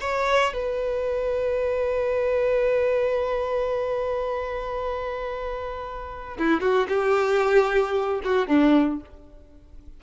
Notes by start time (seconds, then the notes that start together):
0.00 C#5
0.53 B4
6.38 E4
6.60 F#4
6.88 G4
8.24 F#4
8.47 D4